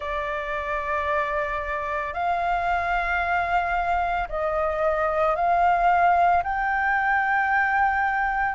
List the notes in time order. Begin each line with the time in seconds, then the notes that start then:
0.00 D5
2.13 F5
4.29 D#5
5.35 F5
6.43 G5